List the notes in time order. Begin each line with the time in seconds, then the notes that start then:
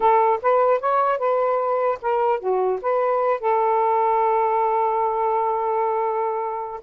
0.00 A4
0.42 B4
0.79 C#5
1.18 B4
2.01 A#4
2.39 F#4
2.81 B4
3.40 A4